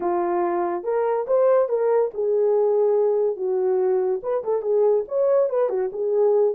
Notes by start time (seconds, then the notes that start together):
0.00 F4
0.83 A#4
1.27 C5
1.68 A#4
2.13 G#4
3.36 F#4
4.22 B4
4.44 A4
4.62 G#4
5.08 C#5
5.49 B4
5.69 F#4
5.92 G#4